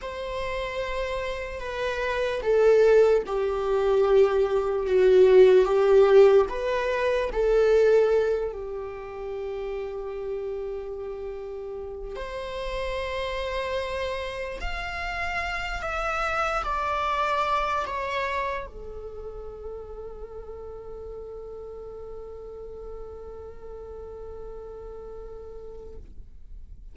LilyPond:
\new Staff \with { instrumentName = "viola" } { \time 4/4 \tempo 4 = 74 c''2 b'4 a'4 | g'2 fis'4 g'4 | b'4 a'4. g'4.~ | g'2. c''4~ |
c''2 f''4. e''8~ | e''8 d''4. cis''4 a'4~ | a'1~ | a'1 | }